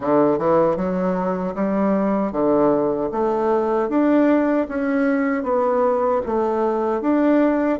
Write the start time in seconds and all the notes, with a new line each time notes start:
0.00 D3
0.38 E3
0.76 F#3
1.54 G3
2.32 D3
3.11 A3
3.89 D4
4.68 C#4
5.43 B3
6.26 A3
7.01 D4